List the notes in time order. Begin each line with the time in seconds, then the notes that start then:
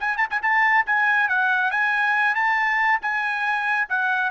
0.00 G#5
0.17 A5
0.30 G#5
0.42 A5
0.86 G#5
1.29 F#5
1.71 G#5
2.35 A5
3.02 G#5
3.89 F#5